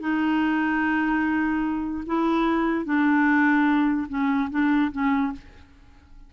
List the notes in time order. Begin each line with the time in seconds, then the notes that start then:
0.00 D#4
2.06 E4
2.85 D4
4.09 C#4
4.50 D4
4.92 C#4